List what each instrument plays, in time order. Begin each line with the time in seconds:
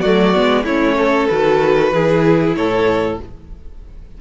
0.00 cello F#3, viola A3, violin F#4 D5
0.34 cello G#3, viola B3
0.64 cello A3, viola C#4, violin E4 C#5
0.98 violin A4
1.27 cello D#3, viola F#4, violin B4
1.92 cello E3, viola E4, violin G#4
2.56 cello A2, violin A4 C#5